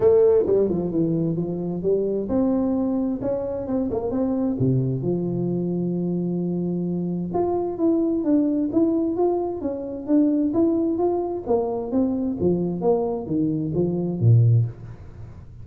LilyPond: \new Staff \with { instrumentName = "tuba" } { \time 4/4 \tempo 4 = 131 a4 g8 f8 e4 f4 | g4 c'2 cis'4 | c'8 ais8 c'4 c4 f4~ | f1 |
f'4 e'4 d'4 e'4 | f'4 cis'4 d'4 e'4 | f'4 ais4 c'4 f4 | ais4 dis4 f4 ais,4 | }